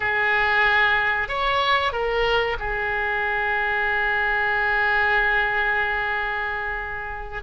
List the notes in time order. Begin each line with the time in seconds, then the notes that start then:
0.00 G#4
1.28 C#5
1.92 A#4
2.59 G#4